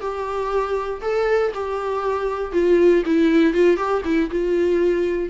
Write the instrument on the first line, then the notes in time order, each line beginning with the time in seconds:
viola
0.00 G4
1.01 A4
1.54 G4
2.52 F4
3.05 E4
3.53 F4
3.77 G4
4.05 E4
4.30 F4